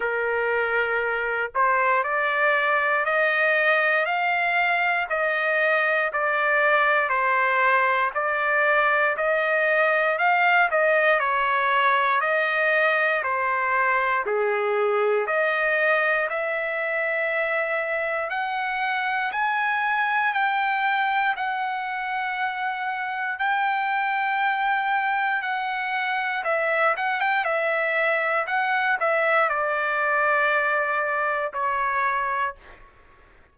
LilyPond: \new Staff \with { instrumentName = "trumpet" } { \time 4/4 \tempo 4 = 59 ais'4. c''8 d''4 dis''4 | f''4 dis''4 d''4 c''4 | d''4 dis''4 f''8 dis''8 cis''4 | dis''4 c''4 gis'4 dis''4 |
e''2 fis''4 gis''4 | g''4 fis''2 g''4~ | g''4 fis''4 e''8 fis''16 g''16 e''4 | fis''8 e''8 d''2 cis''4 | }